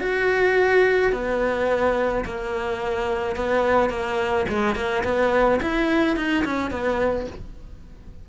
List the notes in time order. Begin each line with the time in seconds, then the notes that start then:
0.00 F#4
1.12 B3
2.25 A#3
3.36 B3
3.89 A#3
4.49 G#3
4.75 A#3
5.04 B3
5.62 E4
6.16 D#4
6.45 C#4
6.71 B3